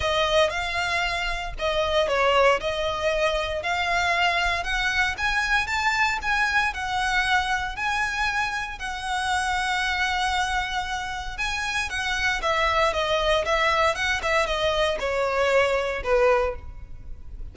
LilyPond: \new Staff \with { instrumentName = "violin" } { \time 4/4 \tempo 4 = 116 dis''4 f''2 dis''4 | cis''4 dis''2 f''4~ | f''4 fis''4 gis''4 a''4 | gis''4 fis''2 gis''4~ |
gis''4 fis''2.~ | fis''2 gis''4 fis''4 | e''4 dis''4 e''4 fis''8 e''8 | dis''4 cis''2 b'4 | }